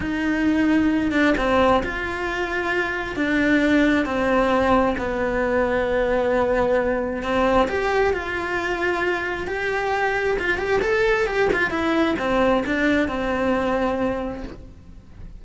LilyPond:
\new Staff \with { instrumentName = "cello" } { \time 4/4 \tempo 4 = 133 dis'2~ dis'8 d'8 c'4 | f'2. d'4~ | d'4 c'2 b4~ | b1 |
c'4 g'4 f'2~ | f'4 g'2 f'8 g'8 | a'4 g'8 f'8 e'4 c'4 | d'4 c'2. | }